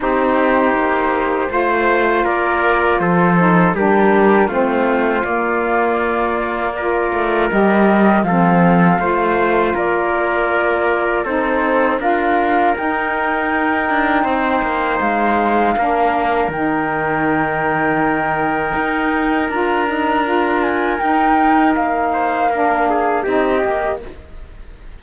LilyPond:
<<
  \new Staff \with { instrumentName = "flute" } { \time 4/4 \tempo 4 = 80 c''2. d''4 | c''4 ais'4 c''4 d''4~ | d''2 dis''4 f''4~ | f''4 d''2 c''4 |
f''4 g''2. | f''2 g''2~ | g''2 ais''4. gis''8 | g''4 f''2 dis''4 | }
  \new Staff \with { instrumentName = "trumpet" } { \time 4/4 g'2 c''4 ais'4 | a'4 g'4 f'2~ | f'4 ais'2 a'4 | c''4 ais'2 a'4 |
ais'2. c''4~ | c''4 ais'2.~ | ais'1~ | ais'4. c''8 ais'8 gis'8 g'4 | }
  \new Staff \with { instrumentName = "saxophone" } { \time 4/4 dis'2 f'2~ | f'8 dis'8 d'4 c'4 ais4~ | ais4 f'4 g'4 c'4 | f'2. dis'4 |
f'4 dis'2.~ | dis'4 d'4 dis'2~ | dis'2 f'8 dis'8 f'4 | dis'2 d'4 dis'8 g'8 | }
  \new Staff \with { instrumentName = "cello" } { \time 4/4 c'4 ais4 a4 ais4 | f4 g4 a4 ais4~ | ais4. a8 g4 f4 | a4 ais2 c'4 |
d'4 dis'4. d'8 c'8 ais8 | gis4 ais4 dis2~ | dis4 dis'4 d'2 | dis'4 ais2 c'8 ais8 | }
>>